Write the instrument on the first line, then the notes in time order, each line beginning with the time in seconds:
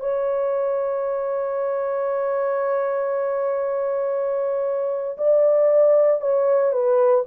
horn
0.00 C#5
5.18 D5
6.21 C#5
6.72 B4